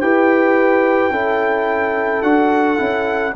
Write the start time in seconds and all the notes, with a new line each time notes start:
0.00 E4 G4 B4 G5
1.10 C#4 E4 A4
2.22 D4 F#4 F#5
2.77 C#4 E4